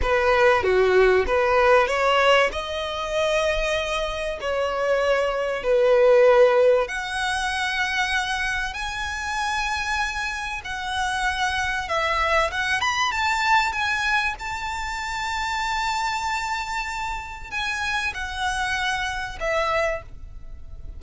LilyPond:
\new Staff \with { instrumentName = "violin" } { \time 4/4 \tempo 4 = 96 b'4 fis'4 b'4 cis''4 | dis''2. cis''4~ | cis''4 b'2 fis''4~ | fis''2 gis''2~ |
gis''4 fis''2 e''4 | fis''8 b''8 a''4 gis''4 a''4~ | a''1 | gis''4 fis''2 e''4 | }